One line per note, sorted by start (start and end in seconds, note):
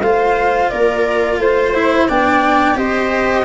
0.00 0.69 A3
0.00 1.74 F4
0.00 0.71 C5
0.00 0.69 F5
0.69 1.37 A#3
0.69 1.40 A#4
0.69 1.38 D5
1.37 2.06 A3
1.37 2.09 C5
1.37 2.08 C5
1.74 2.08 E4
2.08 2.75 B3
2.08 2.75 D4
2.08 2.77 D5
2.08 2.78 G5
2.75 3.44 C4
2.75 3.44 G4
2.75 3.45 C5
2.75 3.45 D#5